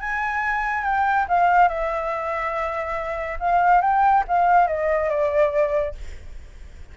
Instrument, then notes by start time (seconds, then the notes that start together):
flute
0.00 G#5
0.84 G5
1.29 F5
1.69 E5
3.40 F5
3.82 G5
4.28 F5
4.68 D#5
5.10 D5